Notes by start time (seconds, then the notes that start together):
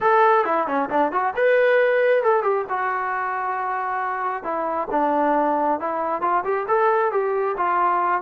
0.00 A4
0.44 E4
0.67 C#4
0.89 D4
1.12 F#4
1.36 B4
2.23 A4
2.43 G4
2.69 F#4
4.43 E4
4.91 D4
5.80 E4
6.21 F4
6.44 G4
6.67 A4
7.11 G4
7.57 F4